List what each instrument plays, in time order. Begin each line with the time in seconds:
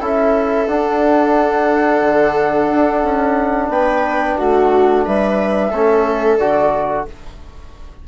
0.00 bassoon C#4, trombone E4, viola A4, flute E5
0.68 trombone D4, bassoon D4, flute F#5
2.02 bassoon D3
2.70 bassoon D4
3.03 bassoon C#4
3.69 bassoon B3, viola B4, flute G5
4.38 bassoon A3, viola F#4, flute F#5
5.05 bassoon G3, viola B4, flute E5
5.71 bassoon A3, trombone C#4, viola A4
6.38 bassoon D3, trombone F#4, flute D5